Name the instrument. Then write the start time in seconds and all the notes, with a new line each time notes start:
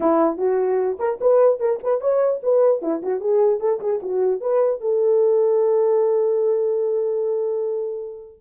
horn
0.00 E4
0.37 F#4
0.99 A#4
1.21 B4
1.59 A#4
1.83 B4
2.00 C#5
2.42 B4
2.81 E4
3.02 F#4
3.20 G#4
3.59 A4
3.80 G#4
4.02 F#4
4.41 B4
4.81 A4